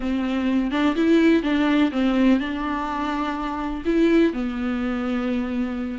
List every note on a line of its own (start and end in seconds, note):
0.00 0.71 C4
0.71 0.95 D4
0.95 1.43 E4
1.43 1.91 D4
1.91 2.39 C4
2.39 3.83 D4
3.85 4.33 E4
4.33 5.98 B3